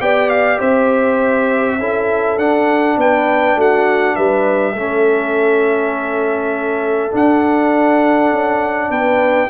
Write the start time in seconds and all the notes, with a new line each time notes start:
0.00 B3 G4 D5 G5
0.29 F5
0.59 C4 C5 E5
1.79 C#4 E4 A4
2.37 D4 F#5
2.97 B3 B4 G5
3.55 A3 F#4 F#5
4.15 G3 B4 E5
4.73 A3 C#4 A4
7.10 D4 F#5
8.31 C#4
8.90 B3 B4 G5